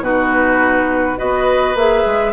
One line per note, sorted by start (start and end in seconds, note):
0.00 1.15 B2
0.00 1.17 D#4
0.00 1.19 F#4
0.00 1.19 B4
1.17 1.75 B3
1.17 1.75 F#4
1.17 2.33 B4
1.17 1.76 D#5
1.75 2.04 A#3
1.75 2.33 G#4
1.75 2.33 E5
2.06 2.33 G#3